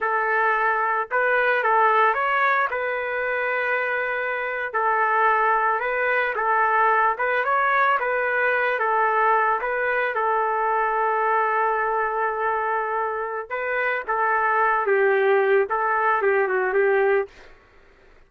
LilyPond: \new Staff \with { instrumentName = "trumpet" } { \time 4/4 \tempo 4 = 111 a'2 b'4 a'4 | cis''4 b'2.~ | b'8. a'2 b'4 a'16~ | a'4~ a'16 b'8 cis''4 b'4~ b'16~ |
b'16 a'4. b'4 a'4~ a'16~ | a'1~ | a'4 b'4 a'4. g'8~ | g'4 a'4 g'8 fis'8 g'4 | }